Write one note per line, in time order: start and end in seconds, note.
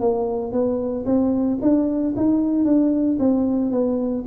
0.00 0.52 A#3
0.52 1.05 B3
1.05 1.58 C4
1.61 2.14 D4
2.16 2.65 D#4
2.65 3.18 D4
3.19 3.71 C4
3.71 4.24 B3